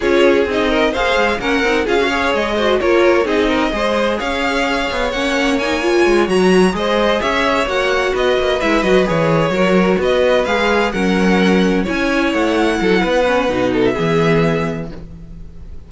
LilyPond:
<<
  \new Staff \with { instrumentName = "violin" } { \time 4/4 \tempo 4 = 129 cis''4 dis''4 f''4 fis''4 | f''4 dis''4 cis''4 dis''4~ | dis''4 f''2 fis''4 | gis''4. ais''4 dis''4 e''8~ |
e''8 fis''4 dis''4 e''8 dis''8 cis''8~ | cis''4. dis''4 f''4 fis''8~ | fis''4. gis''4 fis''4.~ | fis''4.~ fis''16 e''2~ e''16 | }
  \new Staff \with { instrumentName = "violin" } { \time 4/4 gis'4. ais'8 c''4 ais'4 | gis'8 cis''4 c''8 ais'4 gis'8 ais'8 | c''4 cis''2.~ | cis''2~ cis''8 c''4 cis''8~ |
cis''4. b'2~ b'8~ | b'8 ais'4 b'2 ais'8~ | ais'4. cis''2 a'8 | b'4. a'8 gis'2 | }
  \new Staff \with { instrumentName = "viola" } { \time 4/4 f'4 dis'4 gis'4 cis'8 dis'8 | f'16 fis'16 gis'4 fis'8 f'4 dis'4 | gis'2. cis'4 | dis'8 f'4 fis'4 gis'4.~ |
gis'8 fis'2 e'8 fis'8 gis'8~ | gis'8 fis'2 gis'4 cis'8~ | cis'4. e'2~ e'8~ | e'8 cis'8 dis'4 b2 | }
  \new Staff \with { instrumentName = "cello" } { \time 4/4 cis'4 c'4 ais8 gis8 ais8 c'8 | cis'4 gis4 ais4 c'4 | gis4 cis'4. b8 ais4~ | ais4 gis8 fis4 gis4 cis'8~ |
cis'8 ais4 b8 ais8 gis8 fis8 e8~ | e8 fis4 b4 gis4 fis8~ | fis4. cis'4 a4 fis8 | b4 b,4 e2 | }
>>